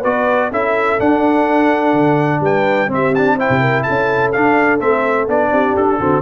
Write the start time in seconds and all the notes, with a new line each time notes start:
0.00 B3 F#4 B4 D5
0.51 C#4 E4 A4 E5
0.99 D4 F#5
1.93 D3
2.41 G3 B4 G5
2.88 C4 G4 E5
3.15 D4 A5
3.36 E4 C5 G5
3.49 C3
3.60 A#4
3.83 A4 A5
3.89 C#4
4.32 D4 F5
4.80 A3 C4 E5
5.28 B3 D4 D5
5.51 C4 G4
5.76 D4 A4
5.99 D3 C4 F#4